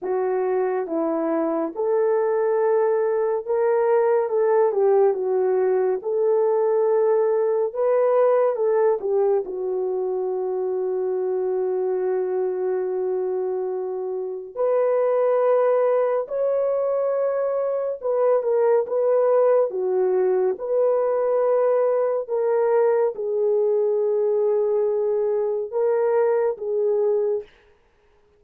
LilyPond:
\new Staff \with { instrumentName = "horn" } { \time 4/4 \tempo 4 = 70 fis'4 e'4 a'2 | ais'4 a'8 g'8 fis'4 a'4~ | a'4 b'4 a'8 g'8 fis'4~ | fis'1~ |
fis'4 b'2 cis''4~ | cis''4 b'8 ais'8 b'4 fis'4 | b'2 ais'4 gis'4~ | gis'2 ais'4 gis'4 | }